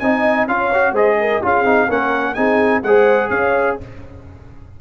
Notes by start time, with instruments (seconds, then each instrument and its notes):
0.00 tuba C4, trombone D#4, horn D#5, trumpet G#5
0.47 tuba C#4, trombone F4, horn C#5, trumpet F5
0.74 trombone F#4
0.92 tuba G#3, trombone G#4, horn C5, trumpet D#5
1.20 horn A#4
1.42 tuba C#4, trombone F4, horn G#4, trumpet F5
1.65 tuba C4, trombone D#4
1.88 tuba A#3, trombone C#4, horn A#4, trumpet F#5
2.34 tuba C4, trombone D#4, horn G#4, trumpet G#5
2.83 tuba G#3, trombone G#4, horn C5, trumpet F#5
3.30 tuba C#4, horn C#5, trumpet F5